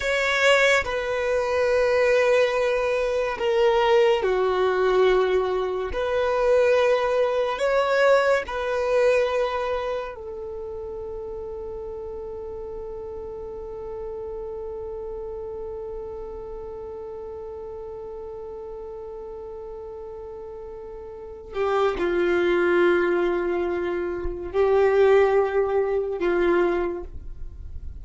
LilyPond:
\new Staff \with { instrumentName = "violin" } { \time 4/4 \tempo 4 = 71 cis''4 b'2. | ais'4 fis'2 b'4~ | b'4 cis''4 b'2 | a'1~ |
a'1~ | a'1~ | a'4. g'8 f'2~ | f'4 g'2 f'4 | }